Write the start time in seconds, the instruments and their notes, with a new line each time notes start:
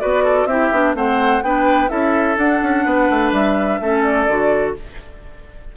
0.00 bassoon B3, clarinet F#4, oboe B4, flute D5
0.24 oboe A4
0.46 bassoon C4, clarinet E4, oboe G4, flute E5
0.72 bassoon B3, clarinet D4
0.95 bassoon A3, clarinet C4, oboe C5, flute F#5
1.43 bassoon B3, clarinet D4, oboe B4, flute G5
1.89 bassoon C#4, clarinet E4, oboe A4, flute E5
2.38 bassoon D4, clarinet D4, flute F#5
2.63 bassoon C#4
2.85 bassoon B3, oboe B4
3.10 bassoon A3
3.32 bassoon G3, flute E5
3.81 bassoon A3, clarinet C#4, oboe A4
4.04 flute D5
4.28 bassoon D3, clarinet F#4